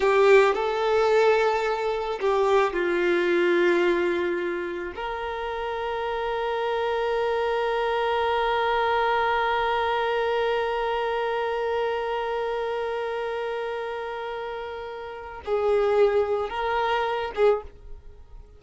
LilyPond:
\new Staff \with { instrumentName = "violin" } { \time 4/4 \tempo 4 = 109 g'4 a'2. | g'4 f'2.~ | f'4 ais'2.~ | ais'1~ |
ais'1~ | ais'1~ | ais'1 | gis'2 ais'4. gis'8 | }